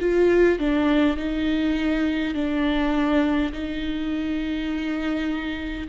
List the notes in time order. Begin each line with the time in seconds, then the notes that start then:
0.00 F4
0.59 D4
1.17 D#4
2.34 D4
3.52 D#4